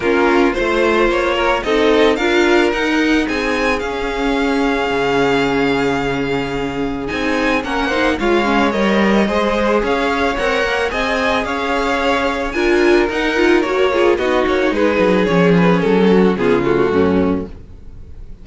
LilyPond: <<
  \new Staff \with { instrumentName = "violin" } { \time 4/4 \tempo 4 = 110 ais'4 c''4 cis''4 dis''4 | f''4 fis''4 gis''4 f''4~ | f''1~ | f''4 gis''4 fis''4 f''4 |
dis''2 f''4 fis''4 | gis''4 f''2 gis''4 | fis''4 cis''4 dis''8 cis''8 b'4 | cis''8 b'8 a'4 gis'8 fis'4. | }
  \new Staff \with { instrumentName = "violin" } { \time 4/4 f'4 c''4. ais'8 a'4 | ais'2 gis'2~ | gis'1~ | gis'2 ais'8 c''8 cis''4~ |
cis''4 c''4 cis''2 | dis''4 cis''2 ais'4~ | ais'4. gis'8 fis'4 gis'4~ | gis'4. fis'8 f'4 cis'4 | }
  \new Staff \with { instrumentName = "viola" } { \time 4/4 cis'4 f'2 dis'4 | f'4 dis'2 cis'4~ | cis'1~ | cis'4 dis'4 cis'8 dis'8 f'8 cis'8 |
ais'4 gis'2 ais'4 | gis'2. f'4 | dis'8 f'8 fis'8 f'8 dis'2 | cis'2 b8 a4. | }
  \new Staff \with { instrumentName = "cello" } { \time 4/4 ais4 a4 ais4 c'4 | d'4 dis'4 c'4 cis'4~ | cis'4 cis2.~ | cis4 c'4 ais4 gis4 |
g4 gis4 cis'4 c'8 ais8 | c'4 cis'2 d'4 | dis'4 ais4 b8 ais8 gis8 fis8 | f4 fis4 cis4 fis,4 | }
>>